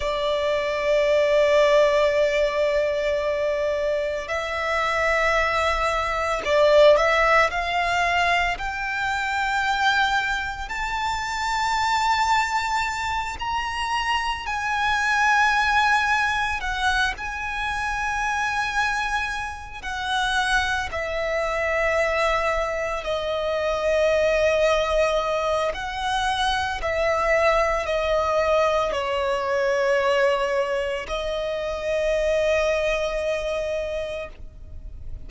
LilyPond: \new Staff \with { instrumentName = "violin" } { \time 4/4 \tempo 4 = 56 d''1 | e''2 d''8 e''8 f''4 | g''2 a''2~ | a''8 ais''4 gis''2 fis''8 |
gis''2~ gis''8 fis''4 e''8~ | e''4. dis''2~ dis''8 | fis''4 e''4 dis''4 cis''4~ | cis''4 dis''2. | }